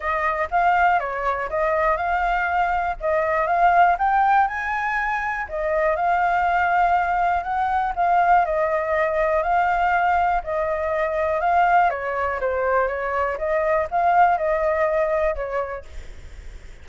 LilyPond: \new Staff \with { instrumentName = "flute" } { \time 4/4 \tempo 4 = 121 dis''4 f''4 cis''4 dis''4 | f''2 dis''4 f''4 | g''4 gis''2 dis''4 | f''2. fis''4 |
f''4 dis''2 f''4~ | f''4 dis''2 f''4 | cis''4 c''4 cis''4 dis''4 | f''4 dis''2 cis''4 | }